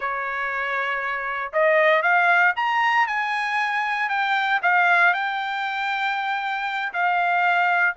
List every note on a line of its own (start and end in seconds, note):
0.00 1.52 C#5
1.52 2.02 D#5
2.02 2.53 F5
2.56 3.07 A#5
3.07 4.09 G#5
4.09 4.60 G5
4.62 5.13 F5
5.13 6.93 G5
6.93 7.96 F5